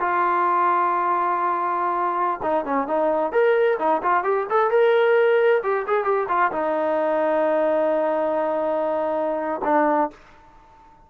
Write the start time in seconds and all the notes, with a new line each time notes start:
0.00 F4
2.43 D#4
2.65 C#4
2.88 D#4
3.32 A#4
3.79 D#4
4.03 F4
4.24 G4
4.50 A4
4.71 A#4
5.63 G4
5.87 G#4
6.04 G4
6.29 F4
6.52 D#4
9.65 D4